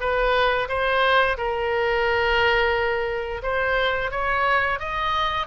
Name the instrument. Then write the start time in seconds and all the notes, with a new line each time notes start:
oboe
0.00 B4
0.69 C5
1.37 A#4
3.43 C5
4.11 C#5
4.79 D#5